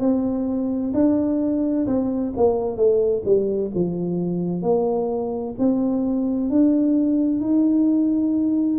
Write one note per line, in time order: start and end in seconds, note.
0.00 0.92 C4
0.94 1.86 D4
1.87 2.33 C4
2.37 2.77 A#3
2.77 3.23 A3
3.25 3.71 G3
3.75 4.62 F3
4.62 5.55 A#3
5.59 6.50 C4
6.50 7.41 D4
7.41 8.79 D#4